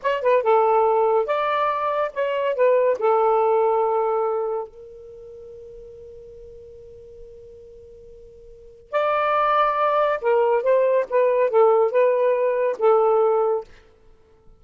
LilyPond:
\new Staff \with { instrumentName = "saxophone" } { \time 4/4 \tempo 4 = 141 cis''8 b'8 a'2 d''4~ | d''4 cis''4 b'4 a'4~ | a'2. ais'4~ | ais'1~ |
ais'1~ | ais'4 d''2. | ais'4 c''4 b'4 a'4 | b'2 a'2 | }